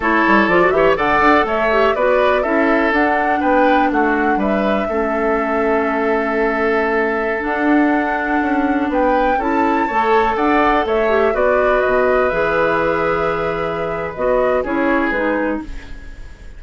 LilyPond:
<<
  \new Staff \with { instrumentName = "flute" } { \time 4/4 \tempo 4 = 123 cis''4 d''8 e''8 fis''4 e''4 | d''4 e''4 fis''4 g''4 | fis''4 e''2.~ | e''2.~ e''16 fis''8.~ |
fis''2~ fis''16 g''4 a''8.~ | a''4~ a''16 fis''4 e''4 d''8.~ | d''16 dis''4 e''2~ e''8.~ | e''4 dis''4 cis''4 b'4 | }
  \new Staff \with { instrumentName = "oboe" } { \time 4/4 a'4. cis''8 d''4 cis''4 | b'4 a'2 b'4 | fis'4 b'4 a'2~ | a'1~ |
a'2~ a'16 b'4 a'8.~ | a'16 cis''4 d''4 cis''4 b'8.~ | b'1~ | b'2 gis'2 | }
  \new Staff \with { instrumentName = "clarinet" } { \time 4/4 e'4 f'16 fis'16 g'8 a'4. g'8 | fis'4 e'4 d'2~ | d'2 cis'2~ | cis'2.~ cis'16 d'8.~ |
d'2.~ d'16 e'8.~ | e'16 a'2~ a'8 g'8 fis'8.~ | fis'4~ fis'16 gis'2~ gis'8.~ | gis'4 fis'4 e'4 dis'4 | }
  \new Staff \with { instrumentName = "bassoon" } { \time 4/4 a8 g8 f8 e8 d8 d'8 a4 | b4 cis'4 d'4 b4 | a4 g4 a2~ | a2.~ a16 d'8.~ |
d'4~ d'16 cis'4 b4 cis'8.~ | cis'16 a4 d'4 a4 b8.~ | b16 b,4 e2~ e8.~ | e4 b4 cis'4 gis4 | }
>>